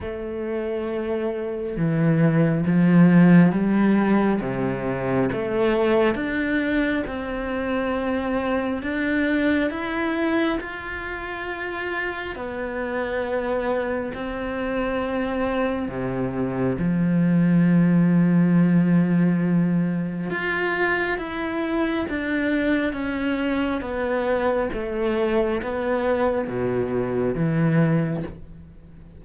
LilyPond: \new Staff \with { instrumentName = "cello" } { \time 4/4 \tempo 4 = 68 a2 e4 f4 | g4 c4 a4 d'4 | c'2 d'4 e'4 | f'2 b2 |
c'2 c4 f4~ | f2. f'4 | e'4 d'4 cis'4 b4 | a4 b4 b,4 e4 | }